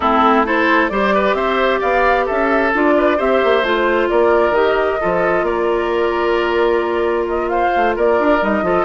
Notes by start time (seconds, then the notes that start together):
0.00 A3 C4 E4 A4
0.44 E4 A4 C5
0.89 G3 G4 C5 D5
1.14 B4
1.33 C4 C5 E5
1.79 B3 D5 F5
2.25 C#4 A4 E5
2.74 D4 F4 D5
2.97 B4
3.17 C4 G4 C5 E5
3.43 A#3
3.63 A3 F4 C5
4.09 A#3 A#4 D5
4.50 D#3 G4 D#5
5.00 F3 F4 A4
5.42 A#3 A#4 D5
7.28 D#5
7.48 C5 F5
7.75 A3
7.95 A#3 A#4 D5
8.19 D4
8.41 G3 D#4 D#5
8.62 F3 F4 A4